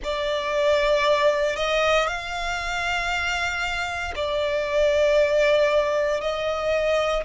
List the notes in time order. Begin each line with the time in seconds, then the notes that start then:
0.03 D5
1.56 D#5
2.07 F5
4.15 D5
6.20 D#5